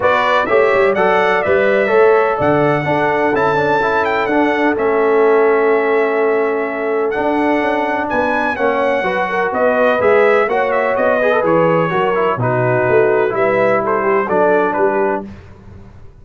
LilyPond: <<
  \new Staff \with { instrumentName = "trumpet" } { \time 4/4 \tempo 4 = 126 d''4 e''4 fis''4 e''4~ | e''4 fis''2 a''4~ | a''8 g''8 fis''4 e''2~ | e''2. fis''4~ |
fis''4 gis''4 fis''2 | dis''4 e''4 fis''8 e''8 dis''4 | cis''2 b'2 | e''4 c''4 d''4 b'4 | }
  \new Staff \with { instrumentName = "horn" } { \time 4/4 b'4 cis''4 d''2 | cis''4 d''4 a'2~ | a'1~ | a'1~ |
a'4 b'4 cis''4 b'8 ais'8 | b'2 cis''4. b'8~ | b'4 ais'4 fis'2 | b'4 a'8 g'8 a'4 g'4 | }
  \new Staff \with { instrumentName = "trombone" } { \time 4/4 fis'4 g'4 a'4 b'4 | a'2 d'4 e'8 d'8 | e'4 d'4 cis'2~ | cis'2. d'4~ |
d'2 cis'4 fis'4~ | fis'4 gis'4 fis'4. gis'16 a'16 | gis'4 fis'8 e'8 dis'2 | e'2 d'2 | }
  \new Staff \with { instrumentName = "tuba" } { \time 4/4 b4 a8 g8 fis4 g4 | a4 d4 d'4 cis'4~ | cis'4 d'4 a2~ | a2. d'4 |
cis'4 b4 ais4 fis4 | b4 gis4 ais4 b4 | e4 fis4 b,4 a4 | g2 fis4 g4 | }
>>